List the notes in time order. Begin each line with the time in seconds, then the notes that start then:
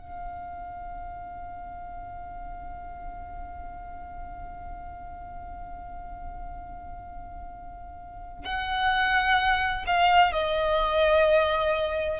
0.00 F5
8.45 F#5
9.87 F5
10.33 D#5